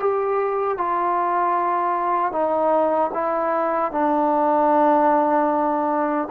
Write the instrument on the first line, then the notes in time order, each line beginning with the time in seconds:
trombone
0.00 G4
0.78 F4
2.32 D#4
3.14 E4
3.92 D4